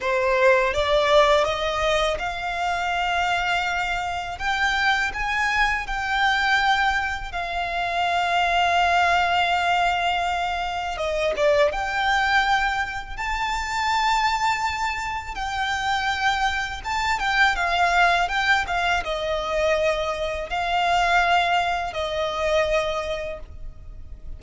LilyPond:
\new Staff \with { instrumentName = "violin" } { \time 4/4 \tempo 4 = 82 c''4 d''4 dis''4 f''4~ | f''2 g''4 gis''4 | g''2 f''2~ | f''2. dis''8 d''8 |
g''2 a''2~ | a''4 g''2 a''8 g''8 | f''4 g''8 f''8 dis''2 | f''2 dis''2 | }